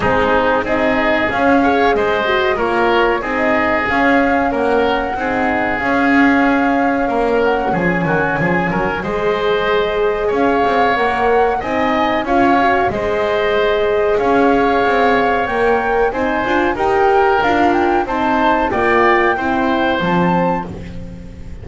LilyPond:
<<
  \new Staff \with { instrumentName = "flute" } { \time 4/4 \tempo 4 = 93 gis'4 dis''4 f''4 dis''4 | cis''4 dis''4 f''4 fis''4~ | fis''4 f''2~ f''8 fis''8 | gis''2 dis''2 |
f''4 fis''4 gis''4 f''4 | dis''2 f''2 | g''4 gis''4 g''4 f''8 g''8 | a''4 g''2 a''4 | }
  \new Staff \with { instrumentName = "oboe" } { \time 4/4 dis'4 gis'4. cis''8 c''4 | ais'4 gis'2 ais'4 | gis'2. ais'4 | gis'8 fis'8 gis'8 ais'8 c''2 |
cis''2 dis''4 cis''4 | c''2 cis''2~ | cis''4 c''4 ais'2 | c''4 d''4 c''2 | }
  \new Staff \with { instrumentName = "horn" } { \time 4/4 c'4 dis'4 cis'8 gis'4 fis'8 | f'4 dis'4 cis'2 | dis'4 cis'2.~ | cis'2 gis'2~ |
gis'4 ais'4 dis'4 f'8 fis'8 | gis'1 | ais'4 dis'8 f'8 g'4 f'4 | dis'4 f'4 e'4 c'4 | }
  \new Staff \with { instrumentName = "double bass" } { \time 4/4 gis4 c'4 cis'4 gis4 | ais4 c'4 cis'4 ais4 | c'4 cis'2 ais4 | f8 dis8 f8 fis8 gis2 |
cis'8 c'8 ais4 c'4 cis'4 | gis2 cis'4 c'4 | ais4 c'8 d'8 dis'4 d'4 | c'4 ais4 c'4 f4 | }
>>